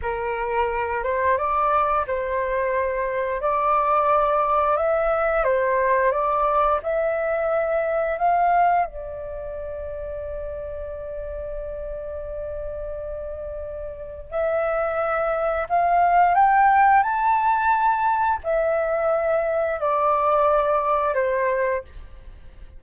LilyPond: \new Staff \with { instrumentName = "flute" } { \time 4/4 \tempo 4 = 88 ais'4. c''8 d''4 c''4~ | c''4 d''2 e''4 | c''4 d''4 e''2 | f''4 d''2.~ |
d''1~ | d''4 e''2 f''4 | g''4 a''2 e''4~ | e''4 d''2 c''4 | }